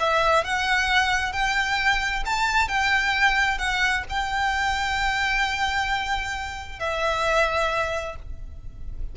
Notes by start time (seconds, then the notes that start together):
0.00 E5
0.44 F#5
1.33 G5
2.25 A5
2.68 G5
3.58 F#5
4.10 G5
6.80 E5